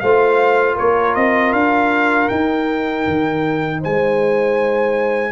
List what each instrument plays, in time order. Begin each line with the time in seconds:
0.00 tuba A3, trombone F4, horn C5, trumpet F5
0.75 tuba A#3, horn A#4, trumpet C#5
1.15 tuba C4, trumpet D#5
1.53 tuba D4, trumpet F5
2.28 trombone D#4, tuba D#4, trumpet G5
3.07 tuba D#3
3.80 tuba G#3, horn C5, trumpet G#5